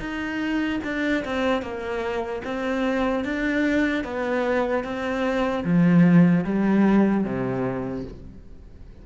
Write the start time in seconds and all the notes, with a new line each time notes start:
0.00 D#4
0.84 D4
1.25 C4
1.62 A#3
2.45 C4
3.25 D4
4.04 B3
4.84 C4
5.65 F3
6.45 G3
7.24 C3